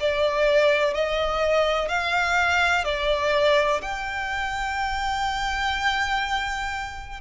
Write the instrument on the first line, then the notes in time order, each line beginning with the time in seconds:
violin
0.00 D5
0.94 D#5
1.88 F5
2.84 D5
3.81 G5